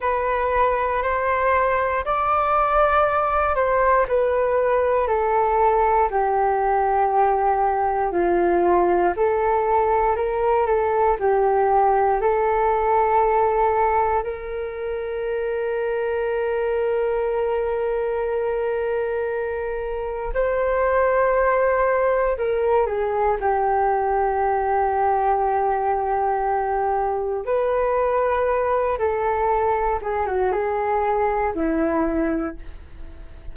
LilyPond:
\new Staff \with { instrumentName = "flute" } { \time 4/4 \tempo 4 = 59 b'4 c''4 d''4. c''8 | b'4 a'4 g'2 | f'4 a'4 ais'8 a'8 g'4 | a'2 ais'2~ |
ais'1 | c''2 ais'8 gis'8 g'4~ | g'2. b'4~ | b'8 a'4 gis'16 fis'16 gis'4 e'4 | }